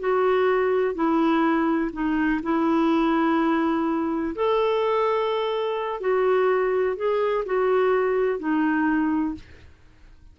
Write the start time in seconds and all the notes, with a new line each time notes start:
0.00 F#4
0.95 E4
1.93 D#4
2.43 E4
4.35 A4
6.01 F#4
6.97 G#4
7.46 F#4
8.40 D#4